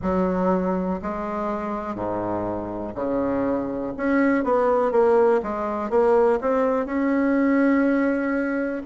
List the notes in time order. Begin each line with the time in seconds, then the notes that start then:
0.02 F#3
1.01 G#3
1.95 G#2
2.95 C#3
3.96 C#4
4.44 B3
4.91 A#3
5.42 G#3
5.90 A#3
6.41 C4
6.85 C#4